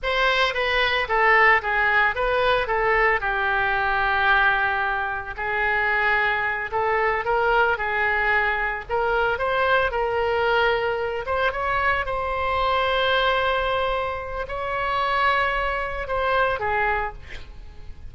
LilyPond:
\new Staff \with { instrumentName = "oboe" } { \time 4/4 \tempo 4 = 112 c''4 b'4 a'4 gis'4 | b'4 a'4 g'2~ | g'2 gis'2~ | gis'8 a'4 ais'4 gis'4.~ |
gis'8 ais'4 c''4 ais'4.~ | ais'4 c''8 cis''4 c''4.~ | c''2. cis''4~ | cis''2 c''4 gis'4 | }